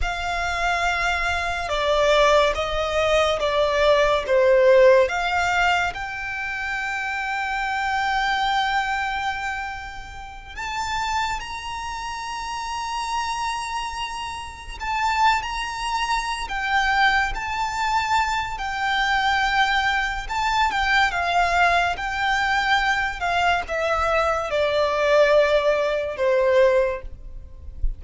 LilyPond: \new Staff \with { instrumentName = "violin" } { \time 4/4 \tempo 4 = 71 f''2 d''4 dis''4 | d''4 c''4 f''4 g''4~ | g''1~ | g''8 a''4 ais''2~ ais''8~ |
ais''4. a''8. ais''4~ ais''16 g''8~ | g''8 a''4. g''2 | a''8 g''8 f''4 g''4. f''8 | e''4 d''2 c''4 | }